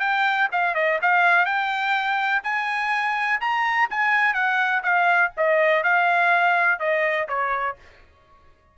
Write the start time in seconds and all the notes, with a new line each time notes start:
0.00 G5
0.52 F5
0.75 D#5
1.02 F5
1.46 G5
2.44 G#5
3.41 A#5
3.90 G#5
4.34 F#5
4.83 F5
5.37 D#5
5.84 F5
6.80 D#5
7.28 C#5